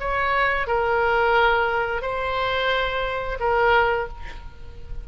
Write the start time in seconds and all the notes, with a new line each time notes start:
0.00 C#5
0.67 A#4
2.02 C5
3.40 A#4